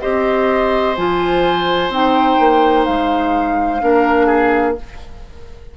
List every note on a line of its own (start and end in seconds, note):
0.00 0.97 C4
0.00 0.96 G4
0.00 3.81 C5
0.00 0.95 D#5
0.96 1.88 F3
0.96 1.92 F4
0.96 1.91 G#5
1.88 2.36 C4
1.88 3.80 D#4
1.88 2.85 G5
2.39 2.86 A#3
2.85 3.81 G#3
2.85 4.75 F5
3.80 4.77 A#3
3.80 4.75 D4
3.80 4.26 A#4
4.26 4.73 G#4